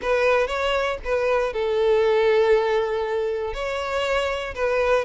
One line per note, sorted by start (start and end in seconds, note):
0.02 0.47 B4
0.47 0.97 C#5
1.04 1.53 B4
1.53 3.53 A4
3.53 4.54 C#5
4.54 5.04 B4